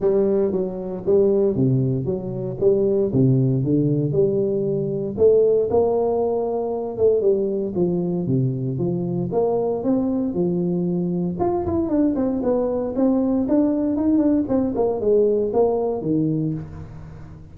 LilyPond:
\new Staff \with { instrumentName = "tuba" } { \time 4/4 \tempo 4 = 116 g4 fis4 g4 c4 | fis4 g4 c4 d4 | g2 a4 ais4~ | ais4. a8 g4 f4 |
c4 f4 ais4 c'4 | f2 f'8 e'8 d'8 c'8 | b4 c'4 d'4 dis'8 d'8 | c'8 ais8 gis4 ais4 dis4 | }